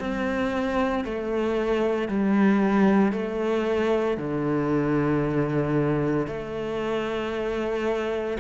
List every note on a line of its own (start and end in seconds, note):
0.00 1.05 C4
1.05 2.09 A3
2.09 3.12 G3
3.12 4.18 A3
4.18 6.27 D3
6.27 8.38 A3